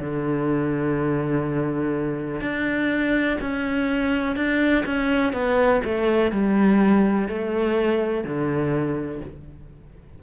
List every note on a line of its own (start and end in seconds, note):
0.00 2.41 D3
2.41 3.38 D4
3.41 4.36 C#4
4.36 4.85 D4
4.86 5.33 C#4
5.33 5.82 B3
5.85 6.32 A3
6.32 7.28 G3
7.28 8.24 A3
8.24 9.21 D3